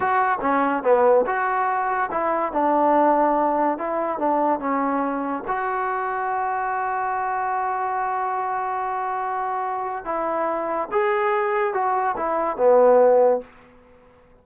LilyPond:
\new Staff \with { instrumentName = "trombone" } { \time 4/4 \tempo 4 = 143 fis'4 cis'4 b4 fis'4~ | fis'4 e'4 d'2~ | d'4 e'4 d'4 cis'4~ | cis'4 fis'2.~ |
fis'1~ | fis'1 | e'2 gis'2 | fis'4 e'4 b2 | }